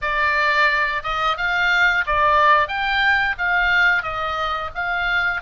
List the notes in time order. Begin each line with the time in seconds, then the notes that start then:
0.01 D5
1.03 D#5
1.37 F5
2.06 D5
2.68 G5
3.38 F5
4.02 D#5
4.74 F5